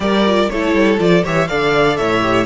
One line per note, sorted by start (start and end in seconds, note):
0.00 0.49 G3
0.00 0.25 G4
0.00 0.51 A#4
0.00 0.49 D5
0.26 0.50 F4
0.49 0.74 A3
0.49 0.98 E4
0.49 1.23 A4
0.49 0.99 C#5
0.74 0.98 G3
0.98 1.24 F3
0.98 1.23 F4
0.98 1.24 D5
1.23 1.49 E3
1.23 1.48 G4
1.23 1.48 C#5
1.23 1.47 E5
1.47 1.99 D3
1.47 2.21 A4
1.47 1.97 D5
1.47 1.96 F5
1.96 2.45 A2
1.96 2.45 C#5
1.96 2.45 E5
2.21 2.45 G4